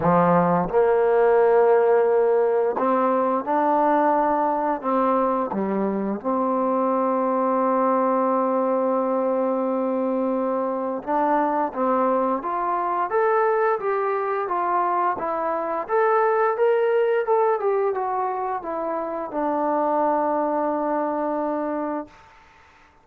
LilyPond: \new Staff \with { instrumentName = "trombone" } { \time 4/4 \tempo 4 = 87 f4 ais2. | c'4 d'2 c'4 | g4 c'2.~ | c'1 |
d'4 c'4 f'4 a'4 | g'4 f'4 e'4 a'4 | ais'4 a'8 g'8 fis'4 e'4 | d'1 | }